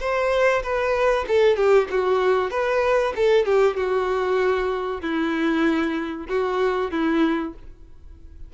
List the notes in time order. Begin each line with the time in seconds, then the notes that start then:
0.00 C5
0.62 B4
1.28 A4
1.56 G4
1.90 F#4
2.51 B4
3.15 A4
3.45 G4
3.76 F#4
5.01 E4
6.28 F#4
6.91 E4